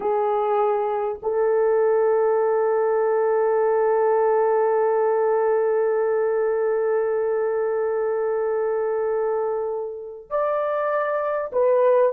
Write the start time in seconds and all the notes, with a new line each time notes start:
0.00 G#4
1.22 A4
10.29 D5
11.52 B4